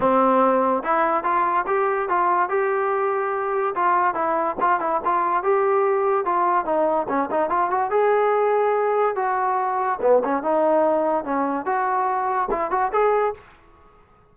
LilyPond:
\new Staff \with { instrumentName = "trombone" } { \time 4/4 \tempo 4 = 144 c'2 e'4 f'4 | g'4 f'4 g'2~ | g'4 f'4 e'4 f'8 e'8 | f'4 g'2 f'4 |
dis'4 cis'8 dis'8 f'8 fis'8 gis'4~ | gis'2 fis'2 | b8 cis'8 dis'2 cis'4 | fis'2 e'8 fis'8 gis'4 | }